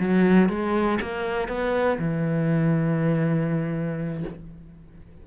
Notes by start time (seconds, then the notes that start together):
0.00 F#3
0.50 G#3
1.02 A#3
1.49 B3
1.99 E3